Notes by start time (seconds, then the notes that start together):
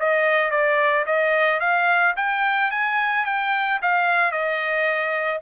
0.00 D#5
0.51 D5
1.06 D#5
1.60 F5
2.17 G5
2.71 G#5
3.26 G5
3.82 F5
4.32 D#5